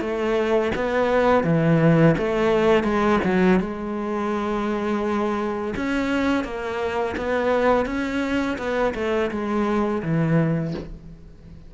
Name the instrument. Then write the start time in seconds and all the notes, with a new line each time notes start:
cello
0.00 A3
0.75 B3
1.44 E3
2.18 A3
2.83 G#3
3.24 F#3
3.59 G#3
5.76 C#4
6.44 A#3
7.17 B3
7.85 C#4
8.58 B3
8.94 A3
9.31 G#3
10.02 E3